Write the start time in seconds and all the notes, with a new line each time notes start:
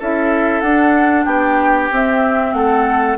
0.00 C#4 E4 A4 E5
0.61 D4 F#5
1.25 B3 G4 G5
1.91 C4 E5
2.54 A3 A4 F#5